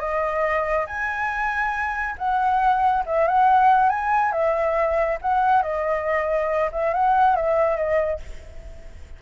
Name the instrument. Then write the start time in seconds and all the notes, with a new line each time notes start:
flute
0.00 D#5
0.87 G#5
2.18 F#5
3.06 E5
3.28 F#5
3.90 G#5
4.32 E5
5.22 F#5
5.63 D#5
6.72 E5
6.94 F#5
7.36 E5
7.77 D#5